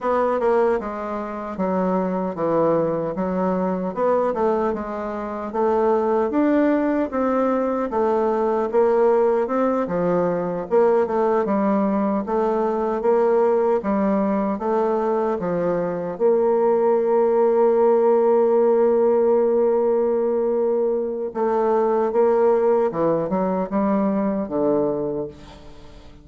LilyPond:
\new Staff \with { instrumentName = "bassoon" } { \time 4/4 \tempo 4 = 76 b8 ais8 gis4 fis4 e4 | fis4 b8 a8 gis4 a4 | d'4 c'4 a4 ais4 | c'8 f4 ais8 a8 g4 a8~ |
a8 ais4 g4 a4 f8~ | f8 ais2.~ ais8~ | ais2. a4 | ais4 e8 fis8 g4 d4 | }